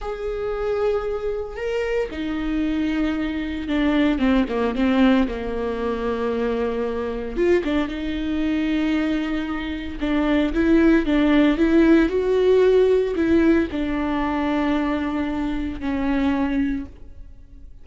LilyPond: \new Staff \with { instrumentName = "viola" } { \time 4/4 \tempo 4 = 114 gis'2. ais'4 | dis'2. d'4 | c'8 ais8 c'4 ais2~ | ais2 f'8 d'8 dis'4~ |
dis'2. d'4 | e'4 d'4 e'4 fis'4~ | fis'4 e'4 d'2~ | d'2 cis'2 | }